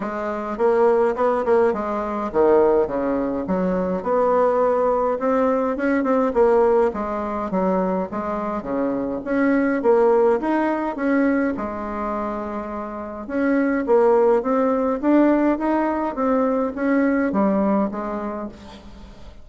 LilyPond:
\new Staff \with { instrumentName = "bassoon" } { \time 4/4 \tempo 4 = 104 gis4 ais4 b8 ais8 gis4 | dis4 cis4 fis4 b4~ | b4 c'4 cis'8 c'8 ais4 | gis4 fis4 gis4 cis4 |
cis'4 ais4 dis'4 cis'4 | gis2. cis'4 | ais4 c'4 d'4 dis'4 | c'4 cis'4 g4 gis4 | }